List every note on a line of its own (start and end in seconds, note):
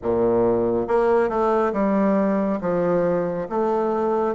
0.02 0.87 A#2
0.87 1.28 A#3
1.28 1.72 A3
1.72 2.59 G3
2.60 3.47 F3
3.49 4.35 A3